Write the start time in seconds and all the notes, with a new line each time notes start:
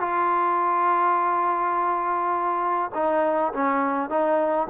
0.00 F4
2.95 D#4
3.53 C#4
4.10 D#4